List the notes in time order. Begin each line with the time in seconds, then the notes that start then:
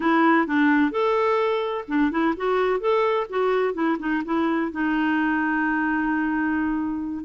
0.00 E4
0.46 D4
0.91 A4
1.87 D4
2.11 E4
2.37 F#4
2.80 A4
3.29 F#4
3.74 E4
3.99 D#4
4.24 E4
4.71 D#4